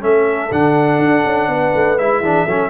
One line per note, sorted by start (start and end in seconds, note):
0.00 0.51 A3
0.00 0.49 C#4
0.00 1.50 A4
0.00 0.52 E5
0.51 0.98 D3
0.51 1.98 D4
0.51 1.98 F#5
0.98 1.23 D4
1.24 1.48 C#4
1.48 1.72 B3
1.48 2.22 B4
1.75 1.98 A3
1.98 2.20 G#3
1.98 2.23 E4
1.98 2.70 E5
2.20 2.45 E3
2.20 2.47 D4
2.20 2.45 G#4
2.45 2.70 F#3
2.45 2.70 C#4
2.45 2.69 A4